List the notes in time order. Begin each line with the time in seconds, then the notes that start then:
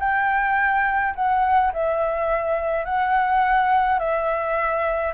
0.00 G5
1.16 F#5
1.73 E5
2.85 F#5
3.99 E5